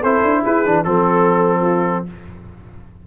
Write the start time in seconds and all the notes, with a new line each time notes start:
0.00 C4 E4 A4 C5
0.23 D4
0.43 E4 G#4 B4
0.65 E3 D4
0.84 F3 C4 A4
1.61 F4